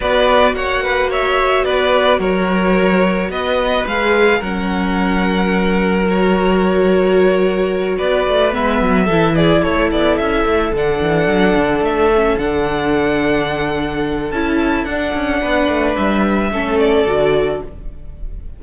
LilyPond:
<<
  \new Staff \with { instrumentName = "violin" } { \time 4/4 \tempo 4 = 109 d''4 fis''4 e''4 d''4 | cis''2 dis''4 f''4 | fis''2. cis''4~ | cis''2~ cis''8 d''4 e''8~ |
e''4 d''8 cis''8 d''8 e''4 fis''8~ | fis''4. e''4 fis''4.~ | fis''2 a''4 fis''4~ | fis''4 e''4. d''4. | }
  \new Staff \with { instrumentName = "violin" } { \time 4/4 b'4 cis''8 b'8 cis''4 b'4 | ais'2 b'2 | ais'1~ | ais'2~ ais'8 b'4.~ |
b'8 a'8 gis'8 a'2~ a'8~ | a'1~ | a'1 | b'2 a'2 | }
  \new Staff \with { instrumentName = "viola" } { \time 4/4 fis'1~ | fis'2. gis'4 | cis'2. fis'4~ | fis'2.~ fis'8 b8~ |
b8 e'2. d'8~ | d'2 cis'8 d'4.~ | d'2 e'4 d'4~ | d'2 cis'4 fis'4 | }
  \new Staff \with { instrumentName = "cello" } { \time 4/4 b4 ais2 b4 | fis2 b4 gis4 | fis1~ | fis2~ fis8 b8 a8 gis8 |
fis8 e4 a8 b8 cis'8 a8 d8 | e8 fis8 d8 a4 d4.~ | d2 cis'4 d'8 cis'8 | b8 a8 g4 a4 d4 | }
>>